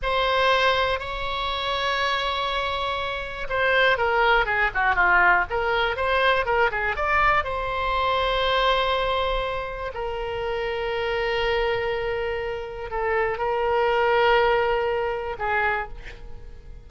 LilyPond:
\new Staff \with { instrumentName = "oboe" } { \time 4/4 \tempo 4 = 121 c''2 cis''2~ | cis''2. c''4 | ais'4 gis'8 fis'8 f'4 ais'4 | c''4 ais'8 gis'8 d''4 c''4~ |
c''1 | ais'1~ | ais'2 a'4 ais'4~ | ais'2. gis'4 | }